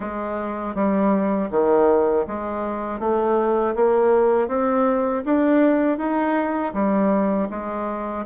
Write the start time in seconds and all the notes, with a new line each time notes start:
0.00 G#3
0.74 G3
1.50 D#3
2.27 G#3
2.99 A3
3.75 A#3
4.48 C4
5.25 D4
5.98 D#4
6.73 G3
7.50 G#3